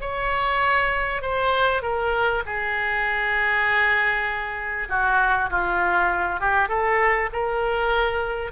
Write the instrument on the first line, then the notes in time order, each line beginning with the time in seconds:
oboe
0.00 C#5
1.21 C5
1.82 A#4
2.45 G#4
4.89 F#4
5.50 F4
6.40 G4
6.68 A4
7.32 A#4